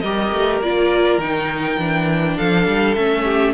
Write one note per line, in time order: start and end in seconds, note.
0.00 0.32 G3
0.00 0.63 G4
0.00 2.37 A#4
0.00 0.59 D#5
0.32 0.60 A3
0.60 1.18 A#3
0.60 1.22 F4
0.60 1.20 D5
1.18 1.77 D#3
1.18 1.80 D#4
1.18 2.37 G5
1.78 2.37 E3
1.78 2.96 D4
2.37 2.68 F3
2.37 3.25 A4
2.37 2.95 F5
2.68 2.97 G3
2.95 3.54 A3
2.95 3.54 C#4
2.95 3.54 E5
3.25 3.54 G4